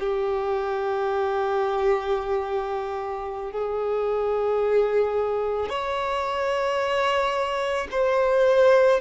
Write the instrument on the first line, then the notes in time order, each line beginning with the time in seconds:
violin
0.00 G4
3.52 G#4
5.70 C#5
7.92 C5